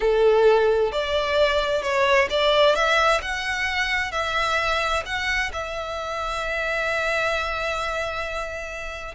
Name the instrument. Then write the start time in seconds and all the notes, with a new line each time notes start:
violin
0.00 A4
0.92 D5
1.82 C#5
2.29 D5
2.75 E5
3.21 F#5
4.11 E5
5.05 F#5
5.52 E5